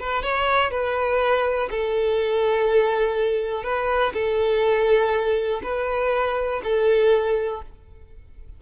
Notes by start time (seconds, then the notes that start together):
0.00 B4
0.23 C#5
0.71 B4
1.71 A4
3.64 B4
4.14 A4
5.64 B4
6.64 A4